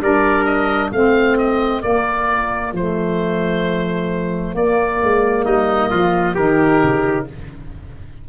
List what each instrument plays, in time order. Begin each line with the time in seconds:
0.00 tuba G3, saxophone D4, trumpet A#4, oboe D5
0.45 oboe D#5
0.90 tuba A3, saxophone C4, trumpet F4, oboe F5
1.38 oboe D#5
1.82 saxophone A#3, tuba A#3, oboe D5
2.73 tuba F3, saxophone A3, oboe C5
4.54 tuba A#3, saxophone A#3, oboe D5
5.02 tuba G#3
5.45 tuba G3, trumpet D#4, oboe D#5
5.90 tuba F3, trumpet F4
6.35 tuba D#3, saxophone D#4, trumpet G4, oboe A#4
6.83 tuba C#3